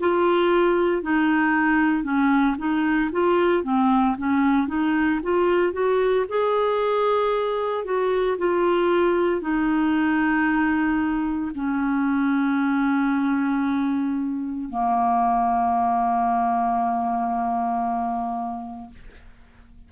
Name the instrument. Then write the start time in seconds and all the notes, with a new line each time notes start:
clarinet
0.00 F4
1.02 D#4
2.04 C#4
2.58 D#4
3.12 F4
3.64 C4
4.18 C#4
4.67 D#4
5.22 F4
5.73 F#4
6.29 G#4
7.85 F#4
8.38 F4
9.41 D#4
11.55 C#4
14.69 A#3